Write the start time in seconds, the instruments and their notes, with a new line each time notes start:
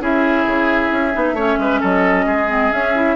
0.00 bassoon C#4, clarinet E4, oboe G#4, flute E5
0.46 bassoon C#3
0.92 bassoon C#4
1.13 bassoon B3, clarinet D#4
1.33 bassoon A3, clarinet C#4, oboe C#5
1.58 bassoon G#3, oboe B4
1.80 bassoon F#3, oboe A4, flute D#5
2.26 bassoon G#3, oboe G#4
2.48 clarinet C4
2.71 clarinet C#4, bassoon C#4, flute E5
2.94 clarinet E4